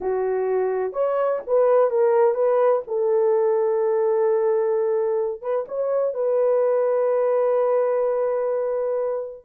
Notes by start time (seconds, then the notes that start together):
0.00 F#4
0.92 C#5
1.46 B4
1.90 A#4
2.34 B4
2.87 A4
5.41 B4
5.67 C#5
6.14 B4